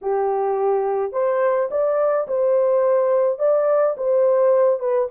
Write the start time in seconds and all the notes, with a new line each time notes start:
0.01 G4
1.12 C5
1.70 D5
2.27 C5
3.39 D5
3.97 C5
4.79 B4